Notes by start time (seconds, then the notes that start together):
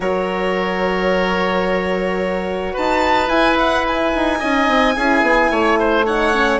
0.00 F#3 F#4 A#4 C#5
2.73 D#4 B4 A5
3.28 E4 G#5
3.58 F#5
3.87 G#5
4.15 D#4
4.39 C#4 D#4 D#5
4.68 C4
4.95 C#4 E4 G#4
5.22 B3
5.50 A3 C#5
5.79 C5
6.05 D#4 C#5 F#5
6.32 C#4